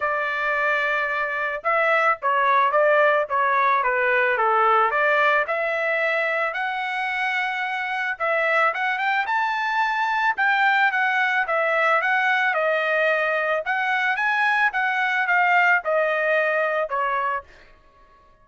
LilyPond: \new Staff \with { instrumentName = "trumpet" } { \time 4/4 \tempo 4 = 110 d''2. e''4 | cis''4 d''4 cis''4 b'4 | a'4 d''4 e''2 | fis''2. e''4 |
fis''8 g''8 a''2 g''4 | fis''4 e''4 fis''4 dis''4~ | dis''4 fis''4 gis''4 fis''4 | f''4 dis''2 cis''4 | }